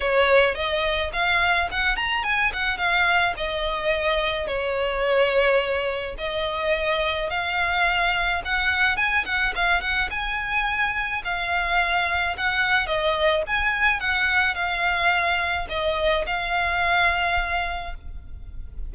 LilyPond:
\new Staff \with { instrumentName = "violin" } { \time 4/4 \tempo 4 = 107 cis''4 dis''4 f''4 fis''8 ais''8 | gis''8 fis''8 f''4 dis''2 | cis''2. dis''4~ | dis''4 f''2 fis''4 |
gis''8 fis''8 f''8 fis''8 gis''2 | f''2 fis''4 dis''4 | gis''4 fis''4 f''2 | dis''4 f''2. | }